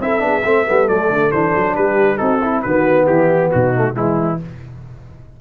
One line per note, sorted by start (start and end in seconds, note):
0.00 0.22 C4
0.00 0.19 E4
0.00 0.25 A4
0.00 0.88 E5
0.19 0.44 B3
0.19 0.41 D4
0.25 0.44 G#4
0.44 0.67 A3
0.44 0.66 C4
0.44 1.75 A4
0.66 0.88 G3
0.66 0.88 B3
0.88 1.09 F#3
0.88 1.32 A3
0.88 1.31 D5
1.09 1.31 D3
1.31 1.54 E3
1.31 2.17 D4
1.31 1.75 C5
1.56 1.78 F#3
1.75 2.20 G3
1.75 2.19 G4
1.75 2.17 B4
2.17 2.64 C4
2.17 2.39 D#4
2.17 2.41 F#4
2.17 2.61 A4
2.41 2.63 E4
2.41 2.65 E4
2.62 3.08 D#3
2.62 3.74 B3
2.62 3.05 F#4
2.62 3.06 B4
3.05 3.52 E3
3.05 3.49 E4
3.05 3.50 G4
3.51 3.96 B2
3.51 3.95 D#4
3.51 3.95 F#4
3.74 3.93 A3
3.93 4.40 E3
3.93 4.37 G#3
3.93 4.40 E4
3.93 4.41 E4